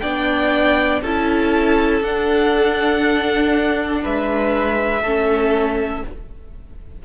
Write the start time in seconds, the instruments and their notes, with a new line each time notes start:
0.00 cello B3, viola D4, violin D5 G5
1.02 cello C#4, viola E4, violin A4 A5
2.01 cello D4, viola D4, violin F#5
4.03 cello G#3, violin B4 E5
5.02 cello A3, viola C#4, violin A4